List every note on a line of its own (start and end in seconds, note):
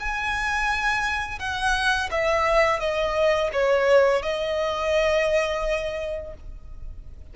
0.00 1.39 G#5
1.39 2.10 F#5
2.11 2.80 E5
2.80 3.51 D#5
3.53 4.23 C#5
4.23 6.34 D#5